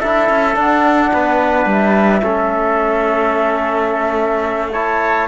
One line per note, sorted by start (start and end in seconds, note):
0.00 0.30 D4
0.00 0.55 E4
0.00 1.11 A4
0.00 0.56 E5
0.30 0.56 C#4
0.55 2.22 D4
0.55 1.12 D4
0.55 1.71 F#5
1.13 1.66 B3
1.13 2.24 B4
1.66 2.22 G3
1.66 4.72 E5
2.23 5.28 A3
2.23 4.73 C#4
2.23 4.72 A4
4.72 5.28 E4
4.72 5.28 C#5
4.72 5.28 A5